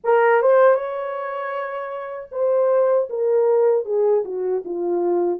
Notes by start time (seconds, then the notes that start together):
0.04 A#4
0.42 C5
0.75 C#5
2.31 C5
3.09 A#4
3.85 G#4
4.24 F#4
4.64 F4